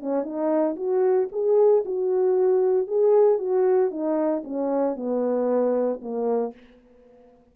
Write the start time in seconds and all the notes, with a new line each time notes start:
0.00 C#4
0.23 D#4
0.76 F#4
1.32 G#4
1.85 F#4
2.87 G#4
3.38 F#4
3.91 D#4
4.44 C#4
4.96 B3
6.01 A#3